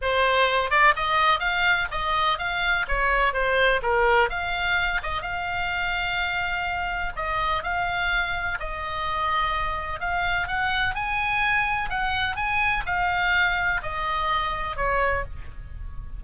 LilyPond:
\new Staff \with { instrumentName = "oboe" } { \time 4/4 \tempo 4 = 126 c''4. d''8 dis''4 f''4 | dis''4 f''4 cis''4 c''4 | ais'4 f''4. dis''8 f''4~ | f''2. dis''4 |
f''2 dis''2~ | dis''4 f''4 fis''4 gis''4~ | gis''4 fis''4 gis''4 f''4~ | f''4 dis''2 cis''4 | }